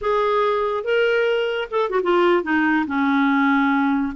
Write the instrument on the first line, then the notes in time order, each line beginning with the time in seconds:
clarinet
0.01 G#4
0.84 A#4
1.70 A4
1.90 F#4
2.03 F4
2.43 D#4
2.86 C#4